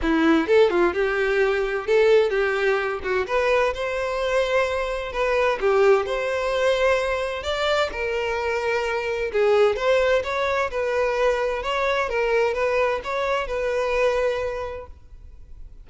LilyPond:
\new Staff \with { instrumentName = "violin" } { \time 4/4 \tempo 4 = 129 e'4 a'8 f'8 g'2 | a'4 g'4. fis'8 b'4 | c''2. b'4 | g'4 c''2. |
d''4 ais'2. | gis'4 c''4 cis''4 b'4~ | b'4 cis''4 ais'4 b'4 | cis''4 b'2. | }